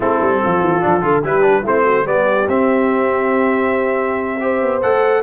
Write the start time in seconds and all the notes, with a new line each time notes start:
0.00 A3 C4 E4 A4
0.20 G3
0.43 F3 F4
0.61 E3
0.80 F3 D4
1.01 D3 F4 A4
1.23 G3 E4 G4 B4
1.41 D4
1.62 A3 C4 E4 C5
1.83 F#4
2.05 G3 B3 G4 D5
2.47 C4 E5
4.40 G4 C5
4.62 B3
4.82 A3 A4 F#5